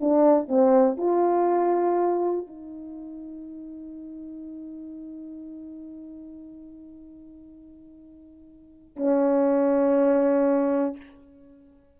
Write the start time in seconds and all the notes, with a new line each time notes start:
0.00 D4
0.48 C4
0.97 F4
2.47 D#4
8.96 C#4